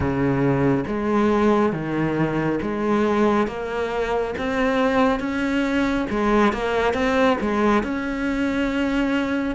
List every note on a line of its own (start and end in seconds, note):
0.00 0.84 C#3
0.87 1.72 G#3
1.72 2.59 D#3
2.61 3.47 G#3
3.47 4.34 A#3
4.38 5.19 C4
5.19 6.06 C#4
6.10 6.52 G#3
6.52 6.93 A#3
6.93 7.37 C4
7.40 7.83 G#3
7.83 9.55 C#4